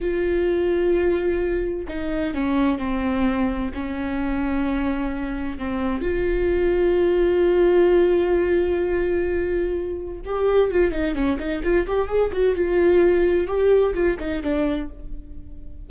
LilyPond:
\new Staff \with { instrumentName = "viola" } { \time 4/4 \tempo 4 = 129 f'1 | dis'4 cis'4 c'2 | cis'1 | c'4 f'2.~ |
f'1~ | f'2 g'4 f'8 dis'8 | cis'8 dis'8 f'8 g'8 gis'8 fis'8 f'4~ | f'4 g'4 f'8 dis'8 d'4 | }